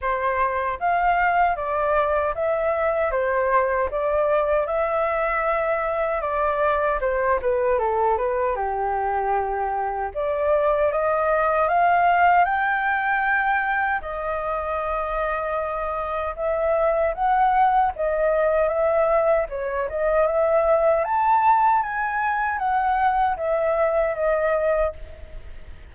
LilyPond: \new Staff \with { instrumentName = "flute" } { \time 4/4 \tempo 4 = 77 c''4 f''4 d''4 e''4 | c''4 d''4 e''2 | d''4 c''8 b'8 a'8 b'8 g'4~ | g'4 d''4 dis''4 f''4 |
g''2 dis''2~ | dis''4 e''4 fis''4 dis''4 | e''4 cis''8 dis''8 e''4 a''4 | gis''4 fis''4 e''4 dis''4 | }